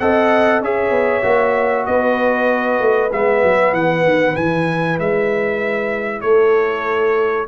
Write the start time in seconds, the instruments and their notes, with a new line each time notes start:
0.00 tuba C4, trombone A4, horn D#5, trumpet F#5
0.61 tuba C#4, trombone G#4, horn C#5, trumpet E5
0.91 tuba B3
1.23 tuba A#3, trombone F#4
1.86 tuba B3, horn B4, trumpet D#5
2.80 tuba A3
3.13 tuba G#3, trombone B3, trumpet E5
3.43 tuba F#3
3.73 tuba E3, trumpet F#5
4.04 tuba D#3
4.36 tuba E3, trombone E4, trumpet G#5
5.00 tuba G#3, trumpet E5
6.22 tuba A3, horn A4, trumpet C#5